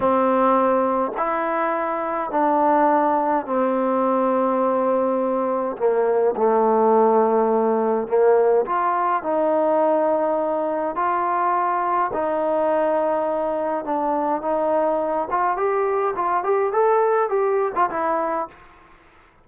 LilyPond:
\new Staff \with { instrumentName = "trombone" } { \time 4/4 \tempo 4 = 104 c'2 e'2 | d'2 c'2~ | c'2 ais4 a4~ | a2 ais4 f'4 |
dis'2. f'4~ | f'4 dis'2. | d'4 dis'4. f'8 g'4 | f'8 g'8 a'4 g'8. f'16 e'4 | }